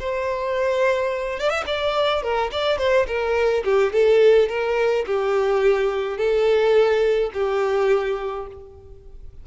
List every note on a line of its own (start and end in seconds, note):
0.00 1.40 C5
1.40 1.50 D5
1.50 1.64 E5
1.66 2.23 D5
2.23 2.51 A#4
2.52 2.78 D5
2.78 3.07 C5
3.07 3.64 A#4
3.65 3.93 G4
3.93 4.49 A4
4.49 5.06 A#4
5.07 6.18 G4
6.18 7.31 A4
7.34 8.47 G4